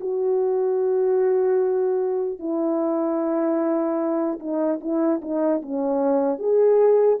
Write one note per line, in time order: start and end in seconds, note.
0.00 2.39 F#4
2.39 4.39 E4
4.39 4.79 D#4
4.80 5.20 E4
5.21 5.61 D#4
5.61 6.39 C#4
6.39 7.19 G#4